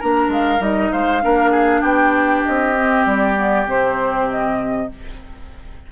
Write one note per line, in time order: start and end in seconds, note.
0.00 0.28 A#3
0.00 0.60 D4
0.00 0.92 A#4
0.00 0.31 A#5
0.28 0.59 G#3
0.28 0.62 F5
0.60 0.91 G3
0.60 1.21 D#4
0.60 0.92 D#5
0.92 1.24 G#3
0.92 1.23 C5
0.92 1.82 F5
1.22 1.82 A#3
1.22 2.75 D4
1.22 1.51 A#4
1.51 1.81 G#4
1.81 2.43 B3
1.81 4.87 G4
1.81 2.43 G5
2.45 3.06 C4
2.45 3.06 D#5
2.75 3.35 C4
3.06 3.67 G3
3.06 3.67 D5
3.35 3.66 B3
3.67 4.90 C3
3.67 4.90 C4
3.67 4.30 C5
4.31 4.92 D#5